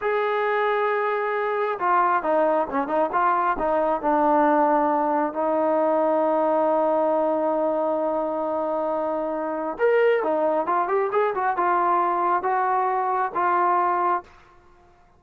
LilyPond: \new Staff \with { instrumentName = "trombone" } { \time 4/4 \tempo 4 = 135 gis'1 | f'4 dis'4 cis'8 dis'8 f'4 | dis'4 d'2. | dis'1~ |
dis'1~ | dis'2 ais'4 dis'4 | f'8 g'8 gis'8 fis'8 f'2 | fis'2 f'2 | }